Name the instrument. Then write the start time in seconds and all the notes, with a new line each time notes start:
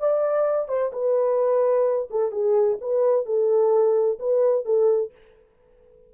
horn
0.00 D5
0.69 C5
0.93 B4
2.11 A4
2.32 G#4
2.81 B4
3.26 A4
4.20 B4
4.66 A4